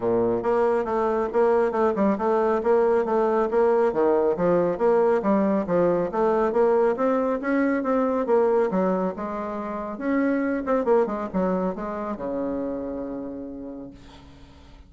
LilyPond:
\new Staff \with { instrumentName = "bassoon" } { \time 4/4 \tempo 4 = 138 ais,4 ais4 a4 ais4 | a8 g8 a4 ais4 a4 | ais4 dis4 f4 ais4 | g4 f4 a4 ais4 |
c'4 cis'4 c'4 ais4 | fis4 gis2 cis'4~ | cis'8 c'8 ais8 gis8 fis4 gis4 | cis1 | }